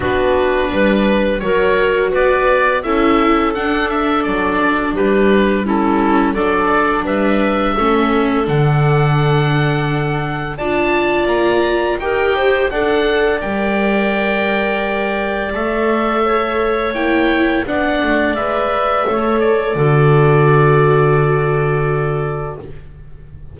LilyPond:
<<
  \new Staff \with { instrumentName = "oboe" } { \time 4/4 \tempo 4 = 85 b'2 cis''4 d''4 | e''4 fis''8 e''8 d''4 b'4 | a'4 d''4 e''2 | fis''2. a''4 |
ais''4 g''4 fis''4 g''4~ | g''2 e''2 | g''4 fis''4 e''4. d''8~ | d''1 | }
  \new Staff \with { instrumentName = "clarinet" } { \time 4/4 fis'4 b'4 ais'4 b'4 | a'2. g'4 | e'4 a'4 b'4 a'4~ | a'2. d''4~ |
d''4 ais'8 c''8 d''2~ | d''2. cis''4~ | cis''4 d''2 cis''4 | a'1 | }
  \new Staff \with { instrumentName = "viola" } { \time 4/4 d'2 fis'2 | e'4 d'2. | cis'4 d'2 cis'4 | d'2. f'4~ |
f'4 g'4 a'4 ais'4~ | ais'2 a'2 | e'4 d'4 b'4 a'4 | fis'1 | }
  \new Staff \with { instrumentName = "double bass" } { \time 4/4 b4 g4 fis4 b4 | cis'4 d'4 fis4 g4~ | g4 fis4 g4 a4 | d2. d'4 |
ais4 dis'4 d'4 g4~ | g2 a2 | ais4 b8 a8 gis4 a4 | d1 | }
>>